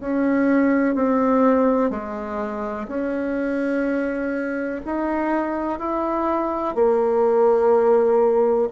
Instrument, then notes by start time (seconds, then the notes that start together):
bassoon
0.00 C#4
0.95 C4
1.90 G#3
2.88 C#4
4.85 D#4
5.79 E4
6.75 A#3